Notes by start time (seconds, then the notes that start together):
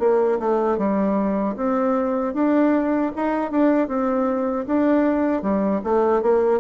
0.00 A#3
0.40 A3
0.78 G3
1.56 C4
2.34 D4
3.16 D#4
3.51 D4
3.88 C4
4.67 D4
5.43 G3
5.84 A3
6.22 A#3